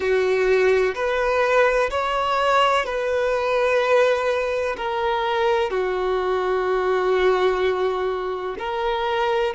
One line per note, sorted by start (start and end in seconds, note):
0.00 0.94 F#4
0.94 1.90 B4
1.90 2.85 C#5
2.85 4.76 B4
4.77 5.70 A#4
5.70 8.56 F#4
8.58 9.54 A#4